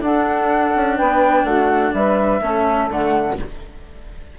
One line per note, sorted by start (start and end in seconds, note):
0.00 0.72 D4
0.00 2.40 D4
0.00 0.96 A4
0.00 0.97 F#5
0.76 1.00 C#4
0.96 1.43 B3
0.96 1.44 B4
0.96 1.45 G5
1.43 1.91 A3
1.43 1.92 F#4
1.43 1.93 F#5
1.93 2.41 G3
1.93 2.42 B4
1.93 2.89 E5
2.41 2.89 A3
2.41 2.90 C#4
2.41 3.38 A4
2.90 3.38 D3
2.90 3.38 A3
2.90 3.38 F#5